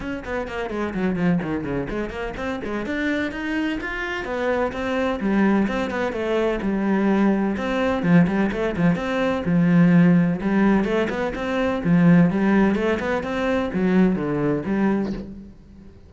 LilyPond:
\new Staff \with { instrumentName = "cello" } { \time 4/4 \tempo 4 = 127 cis'8 b8 ais8 gis8 fis8 f8 dis8 cis8 | gis8 ais8 c'8 gis8 d'4 dis'4 | f'4 b4 c'4 g4 | c'8 b8 a4 g2 |
c'4 f8 g8 a8 f8 c'4 | f2 g4 a8 b8 | c'4 f4 g4 a8 b8 | c'4 fis4 d4 g4 | }